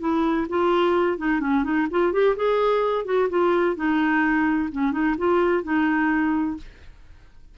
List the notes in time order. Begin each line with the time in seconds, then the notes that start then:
0.00 E4
0.49 F4
1.18 D#4
1.40 C#4
1.64 D#4
1.91 F4
2.12 G4
2.36 G#4
3.05 F#4
3.29 F4
3.76 D#4
4.72 C#4
4.92 D#4
5.18 F4
5.63 D#4